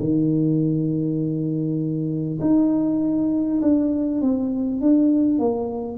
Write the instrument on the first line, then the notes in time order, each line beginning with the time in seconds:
tuba
0.00 D#3
2.41 D#4
3.62 D4
4.22 C4
4.82 D4
5.39 A#3